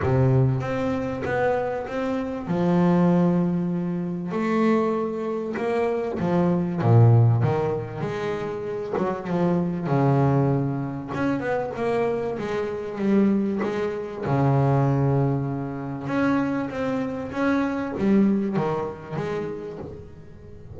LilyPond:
\new Staff \with { instrumentName = "double bass" } { \time 4/4 \tempo 4 = 97 c4 c'4 b4 c'4 | f2. a4~ | a4 ais4 f4 ais,4 | dis4 gis4. fis8 f4 |
cis2 cis'8 b8 ais4 | gis4 g4 gis4 cis4~ | cis2 cis'4 c'4 | cis'4 g4 dis4 gis4 | }